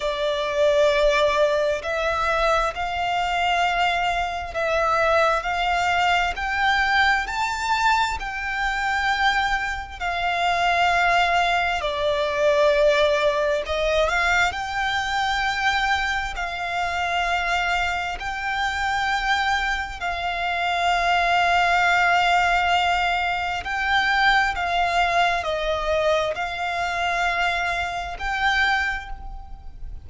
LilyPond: \new Staff \with { instrumentName = "violin" } { \time 4/4 \tempo 4 = 66 d''2 e''4 f''4~ | f''4 e''4 f''4 g''4 | a''4 g''2 f''4~ | f''4 d''2 dis''8 f''8 |
g''2 f''2 | g''2 f''2~ | f''2 g''4 f''4 | dis''4 f''2 g''4 | }